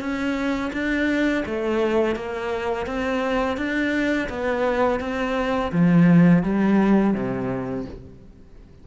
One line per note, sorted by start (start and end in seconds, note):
0.00 0.71 C#4
0.73 1.44 D4
1.46 2.16 A3
2.16 2.86 A#3
2.86 3.57 C4
3.57 4.29 D4
4.29 5.00 B3
5.00 5.72 C4
5.72 6.44 F3
6.44 7.14 G3
7.14 7.86 C3